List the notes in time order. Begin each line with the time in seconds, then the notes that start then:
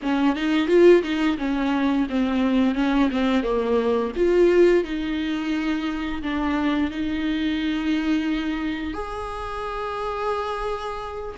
0.02 C#4
0.35 D#4
0.67 F4
1.02 D#4
1.38 C#4
2.09 C4
2.75 C#4
3.10 C4
3.43 A#3
4.16 F4
4.83 D#4
6.22 D4
6.91 D#4
8.93 G#4